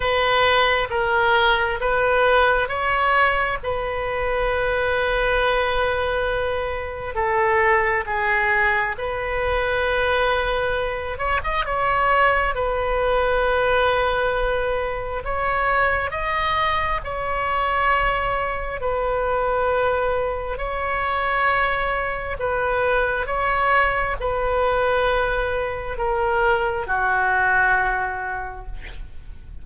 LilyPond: \new Staff \with { instrumentName = "oboe" } { \time 4/4 \tempo 4 = 67 b'4 ais'4 b'4 cis''4 | b'1 | a'4 gis'4 b'2~ | b'8 cis''16 dis''16 cis''4 b'2~ |
b'4 cis''4 dis''4 cis''4~ | cis''4 b'2 cis''4~ | cis''4 b'4 cis''4 b'4~ | b'4 ais'4 fis'2 | }